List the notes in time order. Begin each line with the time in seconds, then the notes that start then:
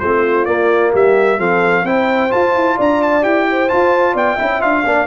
0.00 A3 C4 F4 C5
0.45 A#3 D5
0.93 G3 G4 E5
1.38 F3 C4 A4 F5
1.84 C4 E4 C5 G5
2.30 F4 A5
2.55 E4
2.77 D4 D5 A#5
3.02 A5
3.22 E4 G4 G5
3.50 C5
3.69 F4 A5
4.13 B3 D5 G5
4.35 C#4 E4 E5
4.61 D4 F4 F5
4.85 A#3 D4 D5